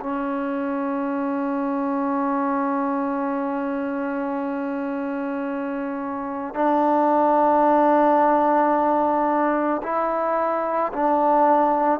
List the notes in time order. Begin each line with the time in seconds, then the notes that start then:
0.00 C#4
6.54 D4
9.83 E4
10.93 D4